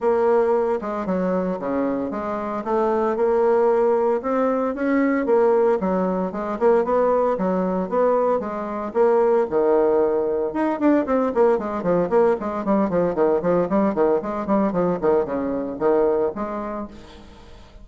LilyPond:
\new Staff \with { instrumentName = "bassoon" } { \time 4/4 \tempo 4 = 114 ais4. gis8 fis4 cis4 | gis4 a4 ais2 | c'4 cis'4 ais4 fis4 | gis8 ais8 b4 fis4 b4 |
gis4 ais4 dis2 | dis'8 d'8 c'8 ais8 gis8 f8 ais8 gis8 | g8 f8 dis8 f8 g8 dis8 gis8 g8 | f8 dis8 cis4 dis4 gis4 | }